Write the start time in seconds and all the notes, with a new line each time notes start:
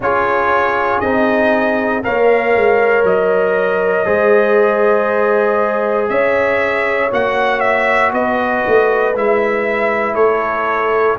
0.00 C#4 F4 G#4 C#5
1.00 C4 D#4 D#5
2.03 A#3 A#4 C#5 F5
2.55 G#3
3.03 F#3 D#5
4.05 G#3 G#4 C5
6.08 C#4 C#5 E5
7.11 A#3 F#4 F#5
7.60 E5
8.12 B3 B4 D#5
8.67 A3
9.15 G#3 E4 E5
10.14 A3 A4 C#5